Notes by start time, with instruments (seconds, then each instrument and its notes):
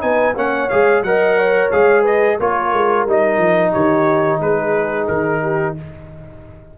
0.00 tuba B3, trombone D#4, horn B4, trumpet G#5
0.35 tuba A#3, trombone C#4, horn C#5, trumpet F#5
0.69 tuba G#3, trombone G#4, trumpet F5
1.02 tuba F#3, trombone A#4, horn D#5, trumpet F#5
1.38 horn C#5
1.71 tuba G#3, trombone G#4, trumpet F5
2.02 horn B4, trumpet D#5
2.39 tuba A#3, trombone F4, horn A#4, trumpet C#5
2.73 tuba G#3
3.06 tuba G3, trombone D#4, trumpet D#5
3.37 tuba F3
3.72 tuba D#3, horn G4, trumpet C#5
4.40 tuba G#3, horn G#4, trumpet B4
5.07 tuba D#3, trumpet A#4
5.41 horn G4